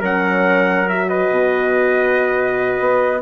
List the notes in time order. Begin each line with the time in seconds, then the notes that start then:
0.00 F#3 C#4 A#4 F#5
0.89 F#4 E5
1.09 B4 D#5
1.30 B2
2.80 B3